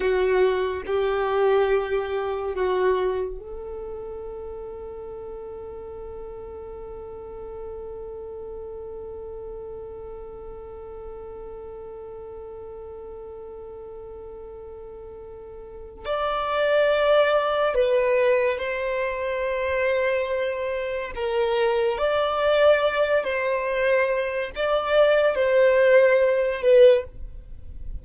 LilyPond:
\new Staff \with { instrumentName = "violin" } { \time 4/4 \tempo 4 = 71 fis'4 g'2 fis'4 | a'1~ | a'1~ | a'1~ |
a'2. d''4~ | d''4 b'4 c''2~ | c''4 ais'4 d''4. c''8~ | c''4 d''4 c''4. b'8 | }